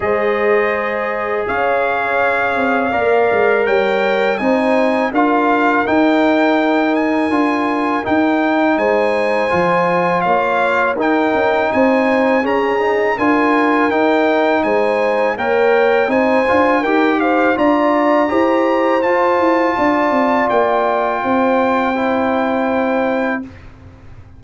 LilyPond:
<<
  \new Staff \with { instrumentName = "trumpet" } { \time 4/4 \tempo 4 = 82 dis''2 f''2~ | f''4 g''4 gis''4 f''4 | g''4. gis''4. g''4 | gis''2 f''4 g''4 |
gis''4 ais''4 gis''4 g''4 | gis''4 g''4 gis''4 g''8 f''8 | ais''2 a''2 | g''1 | }
  \new Staff \with { instrumentName = "horn" } { \time 4/4 c''2 cis''2 | d''4 cis''4 c''4 ais'4~ | ais'1 | c''2 cis''4 ais'4 |
c''4 gis'4 ais'2 | c''4 cis''4 c''4 ais'8 c''8 | d''4 c''2 d''4~ | d''4 c''2. | }
  \new Staff \with { instrumentName = "trombone" } { \time 4/4 gis'1 | ais'2 dis'4 f'4 | dis'2 f'4 dis'4~ | dis'4 f'2 dis'4~ |
dis'4 cis'8 dis'8 f'4 dis'4~ | dis'4 ais'4 dis'8 f'8 g'4 | f'4 g'4 f'2~ | f'2 e'2 | }
  \new Staff \with { instrumentName = "tuba" } { \time 4/4 gis2 cis'4. c'8 | ais8 gis8 g4 c'4 d'4 | dis'2 d'4 dis'4 | gis4 f4 ais4 dis'8 cis'8 |
c'4 cis'4 d'4 dis'4 | gis4 ais4 c'8 d'8 dis'4 | d'4 e'4 f'8 e'8 d'8 c'8 | ais4 c'2. | }
>>